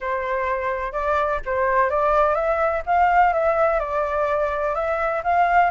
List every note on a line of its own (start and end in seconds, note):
0.00 0.92 C5
0.92 1.40 D5
1.45 1.90 C5
1.90 2.35 D5
2.35 2.82 E5
2.86 3.33 F5
3.33 3.79 E5
3.79 4.74 D5
4.74 5.22 E5
5.23 5.70 F5